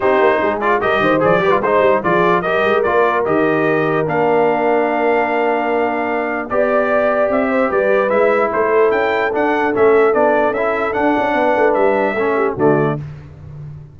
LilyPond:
<<
  \new Staff \with { instrumentName = "trumpet" } { \time 4/4 \tempo 4 = 148 c''4. d''8 dis''4 d''4 | c''4 d''4 dis''4 d''4 | dis''2 f''2~ | f''1 |
d''2 e''4 d''4 | e''4 c''4 g''4 fis''4 | e''4 d''4 e''4 fis''4~ | fis''4 e''2 d''4 | }
  \new Staff \with { instrumentName = "horn" } { \time 4/4 g'4 gis'4 ais'8 c''4 b'8 | c''4 gis'4 ais'2~ | ais'1~ | ais'1 |
d''2~ d''8 c''8 b'4~ | b'4 a'2.~ | a'1 | b'2 a'8 g'8 fis'4 | }
  \new Staff \with { instrumentName = "trombone" } { \time 4/4 dis'4. f'8 g'4 gis'8 g'16 f'16 | dis'4 f'4 g'4 f'4 | g'2 d'2~ | d'1 |
g'1 | e'2. d'4 | cis'4 d'4 e'4 d'4~ | d'2 cis'4 a4 | }
  \new Staff \with { instrumentName = "tuba" } { \time 4/4 c'8 ais8 gis4 g8 dis8 f8 g8 | gis8 g8 f4 g8 gis8 ais4 | dis2 ais2~ | ais1 |
b2 c'4 g4 | gis4 a4 cis'4 d'4 | a4 b4 cis'4 d'8 cis'8 | b8 a8 g4 a4 d4 | }
>>